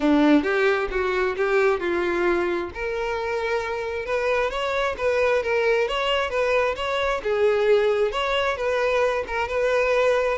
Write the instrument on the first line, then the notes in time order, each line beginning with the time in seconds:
violin
0.00 D4
0.43 G4
0.90 F#4
1.37 G4
1.80 F4
2.74 A#4
4.05 B4
4.50 C#5
4.97 B4
5.43 A#4
5.88 C#5
6.30 B4
6.76 C#5
7.23 G#4
8.11 C#5
8.57 B4
9.27 A#4
9.48 B4